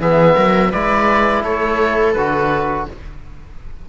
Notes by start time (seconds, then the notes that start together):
0.00 E3 B3 G#4 E5
0.35 F#3 A#4
0.71 G#3 E4 B4 D5
1.43 A3 A4 C#5
2.14 D3 F#4 B4